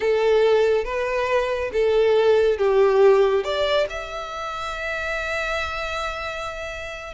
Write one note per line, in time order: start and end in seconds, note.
0.00 0.84 A4
0.84 1.70 B4
1.72 2.57 A4
2.57 3.43 G4
3.43 3.87 D5
3.89 7.13 E5